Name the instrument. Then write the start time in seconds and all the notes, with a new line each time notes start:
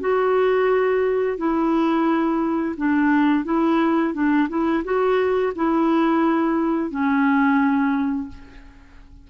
clarinet
0.00 F#4
1.37 E4
2.77 D4
3.45 E4
4.13 D4
4.49 E4
4.84 F#4
5.55 E4
6.91 C#4